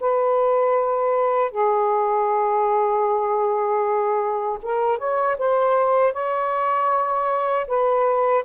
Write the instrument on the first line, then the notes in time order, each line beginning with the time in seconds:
saxophone
0.00 B4
1.51 G#4
4.62 A#4
4.98 C#5
5.38 C5
6.13 C#5
7.67 B4